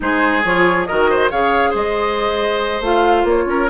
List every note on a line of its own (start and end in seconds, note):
0.00 0.44 G#3
0.00 0.42 D#4
0.00 0.88 G#4
0.00 0.45 C5
0.44 0.87 F3
0.44 0.87 F4
0.44 0.86 C#5
0.86 1.31 D#3
0.86 1.31 F#4
0.86 1.09 A#4
0.86 1.29 D#5
1.09 1.31 C5
1.30 1.74 C#3
1.30 2.83 G#4
1.30 1.70 C#5
1.30 1.74 F5
1.70 2.80 G#3
1.70 3.44 C5
1.70 2.83 D#5
2.80 3.24 A3
2.80 3.70 F4
2.80 3.27 F5
3.24 3.45 A#3
3.24 3.70 C#5
3.46 3.67 C#4
3.46 3.70 A#4